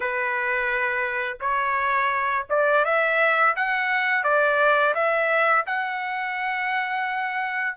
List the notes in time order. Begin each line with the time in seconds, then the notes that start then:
0.00 B4
1.40 C#5
2.49 D5
2.84 E5
3.56 F#5
4.23 D5
4.94 E5
5.66 F#5